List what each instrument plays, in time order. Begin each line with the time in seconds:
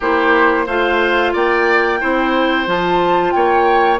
0.00 bassoon A#3, clarinet E4, oboe G4, flute C5
0.66 bassoon A3, clarinet F4, oboe C5, flute F5
1.32 bassoon A#3, oboe D5, flute G5
2.00 bassoon C4, clarinet E4, oboe C5
2.65 bassoon F3, clarinet F4, flute A5
3.31 bassoon A#3, oboe C#5, flute G5